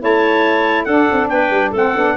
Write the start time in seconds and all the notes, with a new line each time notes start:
0.00 A3 E4 C#5 A5
0.85 D4 A4 F#5
1.12 C4
1.29 B3 B4 G5
1.51 G3
1.72 A3 C4 A4 F#5
1.96 B3 D4